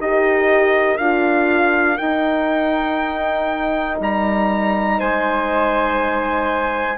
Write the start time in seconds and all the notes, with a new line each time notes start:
0.00 D#4 G4 A#4 D#5
0.98 D4 F4 F5
1.98 D#4 G5
4.01 G3 A#5
5.00 G#3 C5 G#5